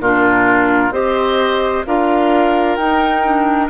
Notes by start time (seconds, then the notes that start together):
0.00 A#2 D4 F4 A#4
0.91 C4 G4 C5 D#5
1.86 D4 F4 A#4 F5
2.76 D#4 G5
3.25 D4